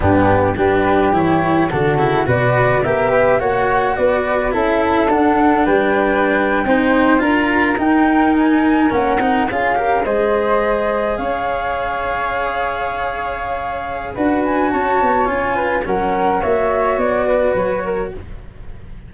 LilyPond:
<<
  \new Staff \with { instrumentName = "flute" } { \time 4/4 \tempo 4 = 106 g'4 b'4 cis''4 a'4 | d''4 e''4 fis''4 d''4 | e''4 fis''4 g''2~ | g''8. ais''4 g''4 gis''4 fis''16~ |
fis''8. f''4 dis''2 f''16~ | f''1~ | f''4 fis''8 gis''8 a''4 gis''4 | fis''4 e''4 d''4 cis''4 | }
  \new Staff \with { instrumentName = "flute" } { \time 4/4 d'4 g'2 fis'4 | b'4 ais'8 b'8 cis''4 b'4 | a'2 b'4.~ b'16 c''16~ | c''8. ais'2.~ ais'16~ |
ais'8. gis'8 ais'8 c''2 cis''16~ | cis''1~ | cis''4 b'4 cis''4. b'8 | ais'4 cis''4. b'4 ais'8 | }
  \new Staff \with { instrumentName = "cello" } { \time 4/4 b4 d'4 e'4 d'8 e'8 | fis'4 g'4 fis'2 | e'4 d'2~ d'8. dis'16~ | dis'8. f'4 dis'2 cis'16~ |
cis'16 dis'8 f'8 g'8 gis'2~ gis'16~ | gis'1~ | gis'4 fis'2 f'4 | cis'4 fis'2. | }
  \new Staff \with { instrumentName = "tuba" } { \time 4/4 g,4 g4 e4 d8 cis8 | b,4 b4 ais4 b4 | cis'4 d'4 g4.~ g16 c'16~ | c'8. d'4 dis'2 ais16~ |
ais16 c'8 cis'4 gis2 cis'16~ | cis'1~ | cis'4 d'4 cis'8 b8 cis'4 | fis4 ais4 b4 fis4 | }
>>